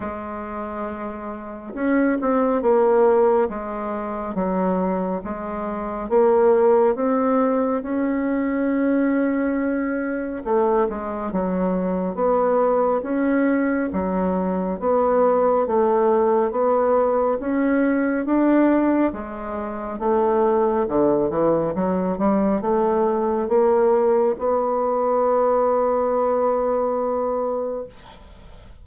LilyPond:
\new Staff \with { instrumentName = "bassoon" } { \time 4/4 \tempo 4 = 69 gis2 cis'8 c'8 ais4 | gis4 fis4 gis4 ais4 | c'4 cis'2. | a8 gis8 fis4 b4 cis'4 |
fis4 b4 a4 b4 | cis'4 d'4 gis4 a4 | d8 e8 fis8 g8 a4 ais4 | b1 | }